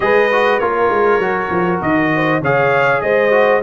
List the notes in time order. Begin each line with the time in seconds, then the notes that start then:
0.00 G#3 G#4 B4 D#5
0.32 F#4
0.59 A#3 F4 A#4 C#5
0.90 G#3
1.19 F#3 F#4
1.50 F3
1.81 D#3 D#5
2.15 C5
2.41 C#3 G#4 C#5 F5
3.01 G#3 C5 D#5
3.31 F#4